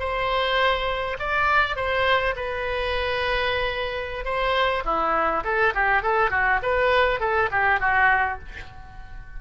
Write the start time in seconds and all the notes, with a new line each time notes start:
0.00 C5
1.20 D5
1.76 C5
2.36 B4
4.25 C5
4.85 E4
5.44 A4
5.75 G4
6.02 A4
6.31 F#4
6.63 B4
7.20 A4
7.52 G4
7.80 F#4